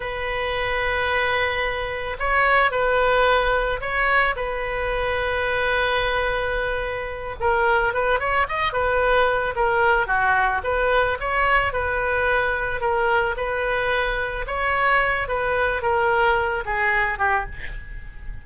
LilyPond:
\new Staff \with { instrumentName = "oboe" } { \time 4/4 \tempo 4 = 110 b'1 | cis''4 b'2 cis''4 | b'1~ | b'4. ais'4 b'8 cis''8 dis''8 |
b'4. ais'4 fis'4 b'8~ | b'8 cis''4 b'2 ais'8~ | ais'8 b'2 cis''4. | b'4 ais'4. gis'4 g'8 | }